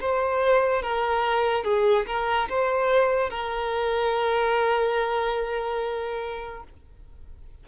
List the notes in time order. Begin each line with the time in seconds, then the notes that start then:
0.00 C5
0.82 A#4
1.64 G#4
2.06 A#4
2.49 C5
3.30 A#4